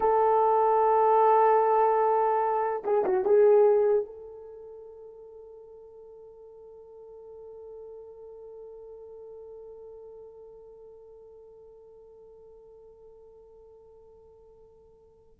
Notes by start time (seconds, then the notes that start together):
0.00 A4
2.84 G#4
3.04 F#4
3.24 G#4
4.05 A4